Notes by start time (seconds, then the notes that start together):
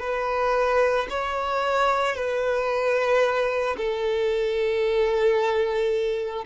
0.00 B4
1.10 C#5
2.16 B4
3.77 A4